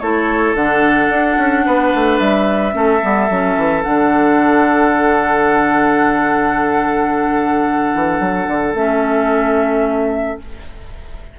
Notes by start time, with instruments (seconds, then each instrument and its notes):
0.00 bassoon A3, clarinet E4, oboe A4, flute C#5
0.55 bassoon D3, clarinet D4, flute F#5
1.09 bassoon D4
1.38 bassoon C#4
1.66 bassoon B3, oboe B4
1.95 bassoon A3
2.19 bassoon G3, flute E5
2.72 bassoon A3, clarinet C#4, oboe A4
3.02 bassoon G3, clarinet B3
3.30 bassoon F#3, clarinet C#4
3.57 bassoon E3
3.83 bassoon D3, clarinet D4, flute F#5
7.95 bassoon E3
8.20 bassoon F#3
8.48 bassoon D3
8.74 bassoon A3, clarinet C#4, flute E5